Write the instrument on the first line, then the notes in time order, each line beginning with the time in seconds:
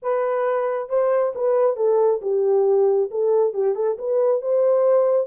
horn
0.02 B4
0.89 C5
1.35 B4
1.76 A4
2.21 G4
3.10 A4
3.53 G4
3.75 A4
3.98 B4
4.41 C5